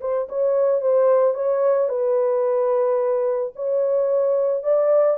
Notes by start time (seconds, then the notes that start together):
0.00 C5
0.29 C#5
0.81 C5
1.34 C#5
1.88 B4
3.55 C#5
4.63 D5